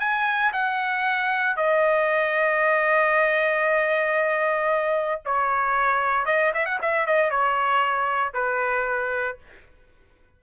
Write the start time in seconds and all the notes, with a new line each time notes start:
0.00 G#5
0.53 F#5
1.57 D#5
5.26 C#5
6.26 D#5
6.54 E5
6.66 F#5
6.82 E5
7.07 D#5
7.31 C#5
8.34 B4